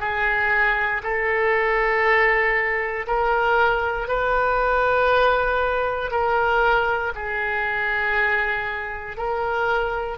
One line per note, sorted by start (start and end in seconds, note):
0.00 1.02 G#4
1.03 3.06 A4
3.07 4.08 A#4
4.08 6.11 B4
6.11 7.13 A#4
7.15 9.17 G#4
9.17 10.18 A#4